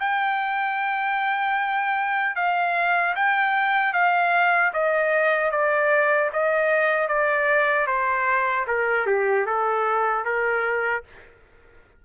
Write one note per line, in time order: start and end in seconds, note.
0.00 2.36 G5
2.36 3.15 F5
3.16 3.94 G5
3.94 4.73 F5
4.74 5.52 D#5
5.52 6.31 D5
6.33 7.08 D#5
7.08 7.87 D5
7.87 8.66 C5
8.68 9.07 A#4
9.07 9.47 G4
9.47 10.25 A4
10.25 11.04 A#4